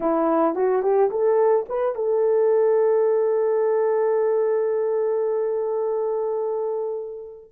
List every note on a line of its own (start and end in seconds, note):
0.00 0.55 E4
0.55 0.82 F#4
0.82 1.10 G4
1.10 1.66 A4
1.68 1.95 B4
1.95 7.50 A4